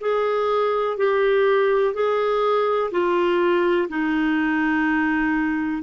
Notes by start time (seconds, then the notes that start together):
0.00 G#4
0.97 G4
1.94 G#4
2.91 F4
3.88 D#4